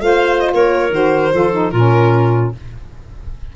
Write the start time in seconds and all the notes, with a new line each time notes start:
0.00 A3 F4 C5 F5
0.40 D#5
0.54 A#3 A#4 C#5
0.90 D#3 F#4 C5
1.33 F3 F4 A4
1.53 D#4
1.71 A#2 C#4 F4 A#4